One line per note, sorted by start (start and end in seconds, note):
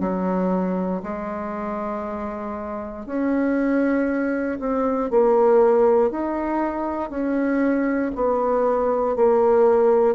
0.00 1.02 F#3
1.03 3.06 G#3
3.06 4.58 C#4
4.59 5.10 C4
5.10 6.11 A#3
6.11 7.10 D#4
7.10 8.11 C#4
8.15 9.16 B3
9.16 10.15 A#3